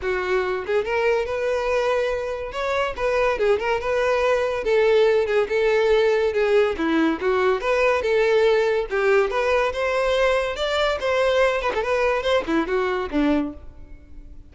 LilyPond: \new Staff \with { instrumentName = "violin" } { \time 4/4 \tempo 4 = 142 fis'4. gis'8 ais'4 b'4~ | b'2 cis''4 b'4 | gis'8 ais'8 b'2 a'4~ | a'8 gis'8 a'2 gis'4 |
e'4 fis'4 b'4 a'4~ | a'4 g'4 b'4 c''4~ | c''4 d''4 c''4. b'16 a'16 | b'4 c''8 e'8 fis'4 d'4 | }